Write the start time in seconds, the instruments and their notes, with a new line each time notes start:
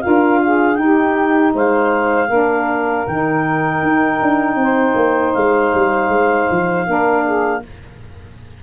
0.00 saxophone F4 A#4, clarinet F5
0.06 tuba D4
0.44 saxophone G#4
0.75 saxophone D#4, tuba D#4, clarinet G5
0.81 saxophone G4
1.54 tuba G#3, saxophone C5, clarinet F5
2.28 tuba A#3, saxophone D4 A#4
3.07 tuba D#3, saxophone D#4, clarinet G5
3.82 tuba D#4
4.22 tuba D4
4.55 tuba C4
4.63 saxophone C5
4.95 tuba A#3
5.34 tuba G#3, clarinet F5
5.75 tuba G3
6.09 tuba G#3
6.50 tuba F3
6.86 tuba A#3, saxophone D4 A#4
7.25 saxophone G#4